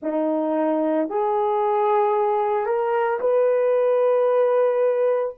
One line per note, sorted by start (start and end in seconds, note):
0.02 1.09 D#4
1.09 2.65 G#4
2.65 3.19 A#4
3.20 5.34 B4